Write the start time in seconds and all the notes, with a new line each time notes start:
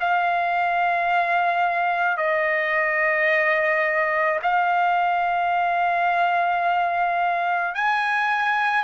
0.00 F5
2.17 D#5
4.42 F5
7.75 G#5